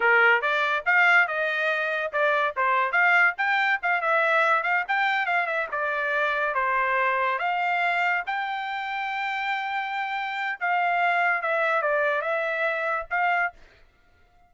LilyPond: \new Staff \with { instrumentName = "trumpet" } { \time 4/4 \tempo 4 = 142 ais'4 d''4 f''4 dis''4~ | dis''4 d''4 c''4 f''4 | g''4 f''8 e''4. f''8 g''8~ | g''8 f''8 e''8 d''2 c''8~ |
c''4. f''2 g''8~ | g''1~ | g''4 f''2 e''4 | d''4 e''2 f''4 | }